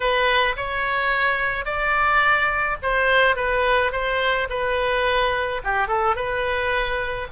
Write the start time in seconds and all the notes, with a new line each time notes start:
0.00 B4
0.56 C#5
1.65 D5
2.82 C5
3.36 B4
3.92 C5
4.49 B4
5.64 G4
5.87 A4
6.15 B4